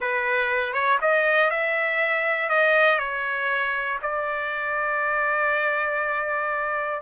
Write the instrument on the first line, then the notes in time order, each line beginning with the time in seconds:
trumpet
0.00 B4
0.73 C#5
1.01 D#5
1.50 E5
2.49 D#5
2.99 C#5
4.02 D5